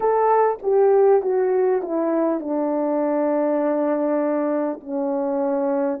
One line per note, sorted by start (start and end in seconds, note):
0.00 0.58 A4
0.62 1.22 G4
1.22 1.82 F#4
1.82 2.40 E4
2.40 4.80 D4
4.80 6.00 C#4